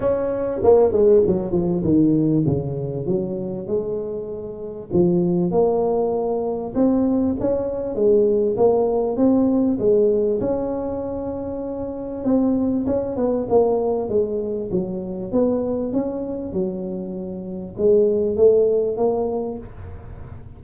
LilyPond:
\new Staff \with { instrumentName = "tuba" } { \time 4/4 \tempo 4 = 98 cis'4 ais8 gis8 fis8 f8 dis4 | cis4 fis4 gis2 | f4 ais2 c'4 | cis'4 gis4 ais4 c'4 |
gis4 cis'2. | c'4 cis'8 b8 ais4 gis4 | fis4 b4 cis'4 fis4~ | fis4 gis4 a4 ais4 | }